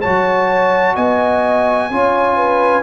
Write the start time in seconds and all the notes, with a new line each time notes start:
0.00 F#3 F#4 C#5 A5
0.95 B3 D#5 G#5
1.90 C#4 F4 C#5
2.37 B4